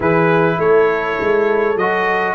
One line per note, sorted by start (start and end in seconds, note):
0.00 0.58 E3
0.00 1.75 E4
0.00 0.58 G#4
0.00 0.60 B4
0.58 1.17 A3
0.58 2.35 A4
0.58 1.77 C#5
1.20 1.76 G#3
1.76 2.35 F#3
1.76 2.35 F#4
1.76 2.35 D#5